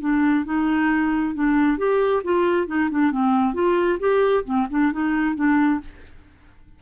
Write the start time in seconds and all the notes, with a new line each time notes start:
0.00 D4
0.45 D#4
1.34 D4
1.77 G4
2.24 F4
2.66 D#4
2.90 D4
3.11 C4
3.53 F4
3.99 G4
4.44 C4
4.70 D4
4.92 D#4
5.35 D4